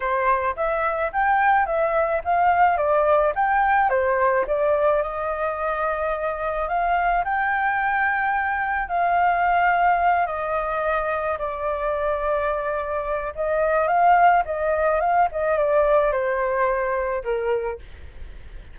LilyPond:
\new Staff \with { instrumentName = "flute" } { \time 4/4 \tempo 4 = 108 c''4 e''4 g''4 e''4 | f''4 d''4 g''4 c''4 | d''4 dis''2. | f''4 g''2. |
f''2~ f''8 dis''4.~ | dis''8 d''2.~ d''8 | dis''4 f''4 dis''4 f''8 dis''8 | d''4 c''2 ais'4 | }